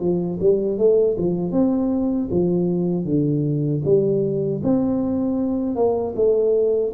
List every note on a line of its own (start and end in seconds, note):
0.00 0.38 F3
0.40 0.78 G3
0.78 1.16 A3
1.18 1.52 F3
1.52 2.29 C4
2.31 3.05 F3
3.05 3.82 D3
3.84 4.61 G3
4.63 5.75 C4
5.75 6.14 A#3
6.16 6.93 A3